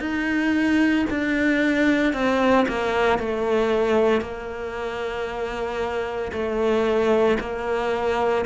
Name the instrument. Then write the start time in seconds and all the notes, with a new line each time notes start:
cello
0.00 D#4
1.10 D4
2.13 C4
2.68 A#3
3.18 A3
4.21 A#3
6.32 A3
7.40 A#3